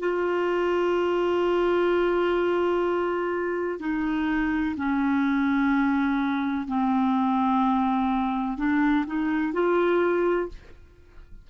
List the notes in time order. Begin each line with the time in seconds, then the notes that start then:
0.00 F4
3.80 D#4
4.77 C#4
6.68 C4
8.58 D4
9.07 D#4
9.54 F4